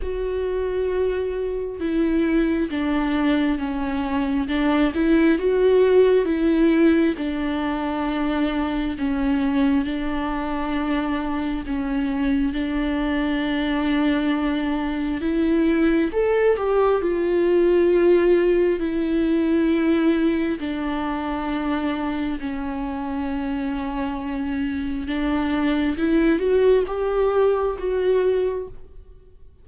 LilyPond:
\new Staff \with { instrumentName = "viola" } { \time 4/4 \tempo 4 = 67 fis'2 e'4 d'4 | cis'4 d'8 e'8 fis'4 e'4 | d'2 cis'4 d'4~ | d'4 cis'4 d'2~ |
d'4 e'4 a'8 g'8 f'4~ | f'4 e'2 d'4~ | d'4 cis'2. | d'4 e'8 fis'8 g'4 fis'4 | }